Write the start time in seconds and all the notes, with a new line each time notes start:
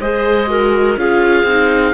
0.00 G#3 G#4 C5 D#5
0.48 F#4 A#4
0.96 C#4 F4 G#4 F5
1.43 C4 D#4